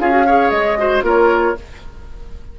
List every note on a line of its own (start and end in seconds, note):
0.00 0.51 C#4
0.00 0.11 F4
0.00 0.27 G#4
0.00 0.51 F5
0.11 0.24 F#4
0.27 0.78 G#4
0.27 0.79 C#5
0.51 1.03 G#3
0.51 1.03 D#5
0.78 1.03 F#4
0.78 1.04 C5
1.03 1.55 A#3
1.03 1.55 F4
1.03 1.57 A#4
1.03 1.59 C#5